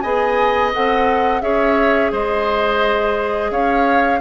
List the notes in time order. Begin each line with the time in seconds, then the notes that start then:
0.00 B3 G#4 D#5 G#5
0.73 C4 A4 F#5
1.41 C#4 G#4 C#5 E5
2.12 G#3 C5 D#5
3.51 C#4 C#5 F5